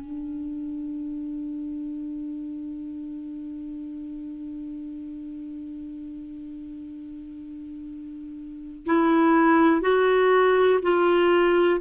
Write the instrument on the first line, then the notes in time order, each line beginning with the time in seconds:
clarinet
0.00 D4
8.86 E4
9.81 F#4
10.82 F4